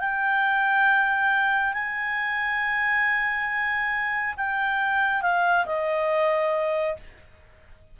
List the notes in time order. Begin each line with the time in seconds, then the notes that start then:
0.00 G5
1.74 G#5
4.38 G5
5.22 F5
5.66 D#5